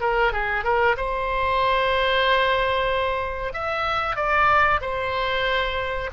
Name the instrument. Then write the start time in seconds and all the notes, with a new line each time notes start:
oboe
0.00 A#4
0.32 G#4
0.64 A#4
0.96 C5
3.53 E5
4.16 D5
4.81 C5